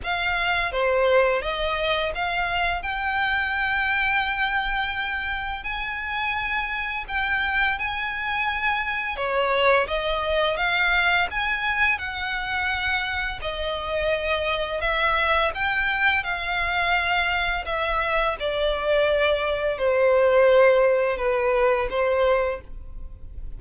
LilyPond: \new Staff \with { instrumentName = "violin" } { \time 4/4 \tempo 4 = 85 f''4 c''4 dis''4 f''4 | g''1 | gis''2 g''4 gis''4~ | gis''4 cis''4 dis''4 f''4 |
gis''4 fis''2 dis''4~ | dis''4 e''4 g''4 f''4~ | f''4 e''4 d''2 | c''2 b'4 c''4 | }